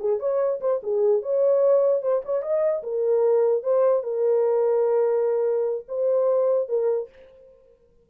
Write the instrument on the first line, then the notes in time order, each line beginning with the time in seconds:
horn
0.00 G#4
0.20 C#5
0.61 C5
0.83 G#4
1.22 C#5
2.02 C5
2.25 C#5
2.42 D#5
2.83 A#4
3.63 C5
4.03 A#4
5.88 C5
6.68 A#4